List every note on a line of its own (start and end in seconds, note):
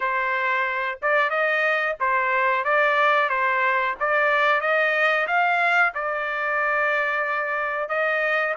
0.00 0.99 C5
1.02 1.30 D5
1.30 1.96 D#5
2.00 2.64 C5
2.64 3.29 D5
3.29 3.95 C5
4.00 4.60 D5
4.60 5.26 D#5
5.27 5.93 F5
5.94 7.89 D5
7.89 8.54 D#5